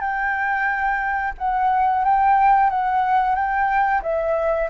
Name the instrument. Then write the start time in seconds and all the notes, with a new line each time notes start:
flute
0.00 G5
1.38 F#5
2.04 G5
2.70 F#5
3.35 G5
4.02 E5